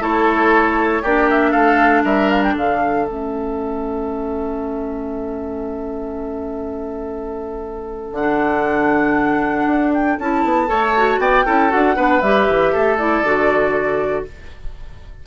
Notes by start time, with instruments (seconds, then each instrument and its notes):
0.00 bassoon A3, clarinet E4, oboe A4, flute C#5
1.02 bassoon A#3, clarinet D4, oboe G4, flute D5
1.30 flute E5
1.51 bassoon A3, oboe A4, flute F5
2.04 bassoon G3, oboe A#4, flute E5
2.29 flute F5
2.43 flute G5
2.54 bassoon D3, oboe A4, flute F5
3.06 bassoon A3, clarinet C#4, flute E5
8.12 bassoon D3, clarinet D4, flute F#5
9.67 bassoon D4
9.93 flute G5
10.19 bassoon C#4, clarinet E4, flute A5
10.44 bassoon B3
10.67 bassoon A3, clarinet A4, oboe C#5
10.97 clarinet F#4
11.18 bassoon B3, oboe D5, flute G5
11.45 bassoon C#4, clarinet E4, oboe A4
11.69 bassoon D4, clarinet F#4, flute F#5
11.95 bassoon B3, clarinet D4, oboe B4
12.21 bassoon G3, clarinet G4, flute E5
12.48 bassoon E3
12.72 bassoon A3, oboe A4
12.98 clarinet E4, flute D5
13.22 bassoon D3, clarinet F#4